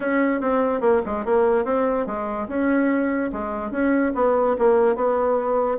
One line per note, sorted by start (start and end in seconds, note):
0.00 0.40 C#4
0.40 0.80 C4
0.80 1.01 A#3
1.05 1.25 G#3
1.25 1.65 A#3
1.65 2.06 C4
2.06 2.47 G#3
2.48 3.30 C#4
3.32 3.71 G#3
3.71 4.12 C#4
4.15 4.56 B3
4.58 4.95 A#3
4.95 5.78 B3